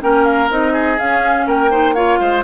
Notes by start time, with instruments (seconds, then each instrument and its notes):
0.00 bassoon A#3, clarinet C#4, oboe A#4, flute G5
0.25 flute F5
0.49 bassoon C4, clarinet D#4, flute D#5
0.73 oboe G#4
0.98 clarinet C#4, bassoon C#4, flute F5
1.46 bassoon A#3, oboe A#4, flute G5
1.70 clarinet D#4, oboe C5
1.94 clarinet F4, oboe C#5, flute F5
2.20 bassoon G#3, oboe C5